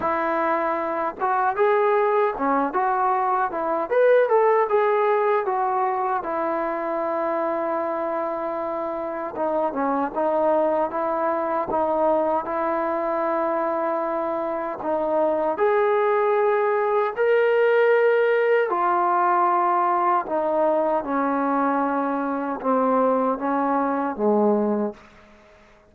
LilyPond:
\new Staff \with { instrumentName = "trombone" } { \time 4/4 \tempo 4 = 77 e'4. fis'8 gis'4 cis'8 fis'8~ | fis'8 e'8 b'8 a'8 gis'4 fis'4 | e'1 | dis'8 cis'8 dis'4 e'4 dis'4 |
e'2. dis'4 | gis'2 ais'2 | f'2 dis'4 cis'4~ | cis'4 c'4 cis'4 gis4 | }